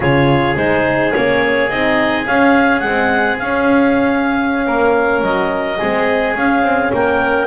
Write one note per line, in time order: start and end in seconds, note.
0.00 0.55 C#3
0.00 0.56 F4
0.00 4.66 G#4
0.00 0.56 C#5
0.56 1.13 G#3
0.56 1.12 D#4
0.56 1.13 C5
1.12 1.70 A#3
1.12 1.69 C#4
1.12 1.69 C#5
1.69 2.26 C4
1.69 2.25 D#4
1.69 2.26 D#5
2.25 2.80 C#4
2.25 2.84 C#4
2.25 2.80 F5
2.80 3.36 G#3
2.80 3.42 C4
2.80 3.36 F#5
3.38 5.80 C#4
3.38 4.66 C#4
3.38 5.22 F5
4.66 5.21 A#3
4.66 5.78 A#4
5.21 5.78 F#3
5.21 6.35 D#5
5.78 6.36 G#3
5.78 6.35 C4
5.78 6.91 G#4
6.35 7.47 C#4
6.35 6.62 C#4
6.35 6.93 F5
6.62 6.91 C4
6.93 7.47 A#3
6.93 7.47 A#4
6.93 7.47 G5